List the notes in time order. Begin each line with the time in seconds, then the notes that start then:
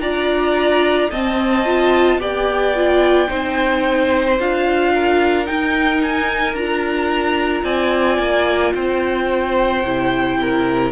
0.00 D4 F4 D5 A#5
1.10 C4 D#5 A5
1.66 F4
2.19 B3 G4 D5 G5
2.76 F4
3.28 C4 D#4 C5
4.40 D4 F4 F5
4.95 A#4
5.46 D#4 G5
6.03 G#5
6.54 D4 F4 A#5
7.64 C4 D5 G#5
8.19 A#3
8.75 C4 C5 G5
9.84 C3 E4
10.41 A#4